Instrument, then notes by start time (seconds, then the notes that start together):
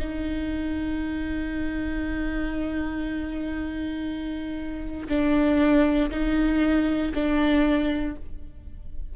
viola
0.00 D#4
5.09 D4
6.11 D#4
7.15 D4